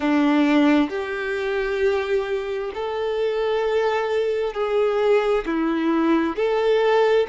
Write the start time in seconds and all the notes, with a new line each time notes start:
0.00 D4
0.89 G4
2.74 A4
4.53 G#4
5.45 E4
6.36 A4